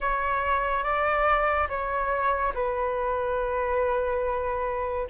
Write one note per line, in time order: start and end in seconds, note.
0.00 0.83 C#5
0.83 1.68 D5
1.69 2.53 C#5
2.54 5.07 B4